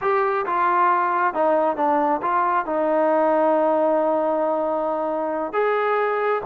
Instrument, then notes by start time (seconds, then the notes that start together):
trombone
0.01 G4
0.46 F4
1.34 D#4
1.76 D4
2.22 F4
2.65 D#4
5.53 G#4